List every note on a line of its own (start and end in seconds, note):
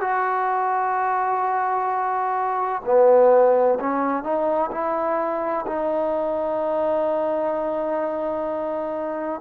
0.00 2.81 F#4
2.84 3.78 B3
3.79 4.23 C#4
4.23 4.70 D#4
4.71 5.65 E4
5.66 9.40 D#4